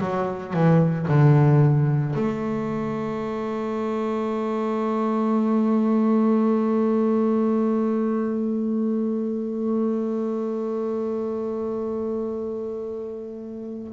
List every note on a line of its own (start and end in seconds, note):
0.00 0.53 F#3
0.53 1.07 E3
1.08 2.15 D3
2.15 13.93 A3